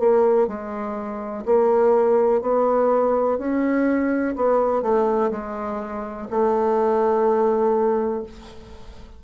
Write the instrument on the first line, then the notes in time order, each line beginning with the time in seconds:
bassoon
0.00 A#3
0.48 G#3
1.46 A#3
2.42 B3
3.39 C#4
4.36 B3
4.83 A3
5.31 G#3
6.30 A3